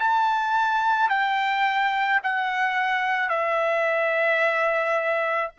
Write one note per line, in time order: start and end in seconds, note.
0.00 1.10 A5
1.10 2.21 G5
2.23 3.29 F#5
3.29 5.52 E5